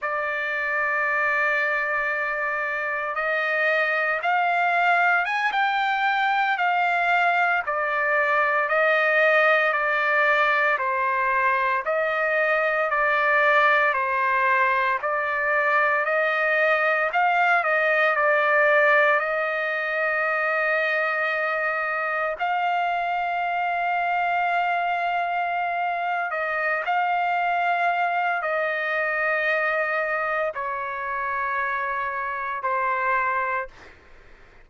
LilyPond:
\new Staff \with { instrumentName = "trumpet" } { \time 4/4 \tempo 4 = 57 d''2. dis''4 | f''4 gis''16 g''4 f''4 d''8.~ | d''16 dis''4 d''4 c''4 dis''8.~ | dis''16 d''4 c''4 d''4 dis''8.~ |
dis''16 f''8 dis''8 d''4 dis''4.~ dis''16~ | dis''4~ dis''16 f''2~ f''8.~ | f''4 dis''8 f''4. dis''4~ | dis''4 cis''2 c''4 | }